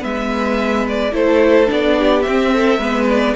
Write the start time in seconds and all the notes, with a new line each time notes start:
0.00 G#3 B3 B4 E5
0.88 D5
1.12 A3 E4 A4 C5
1.66 B3 D4 D5
1.98 G4
2.22 C4 E5
2.54 A4
2.78 G#3 B3 B4
3.09 D5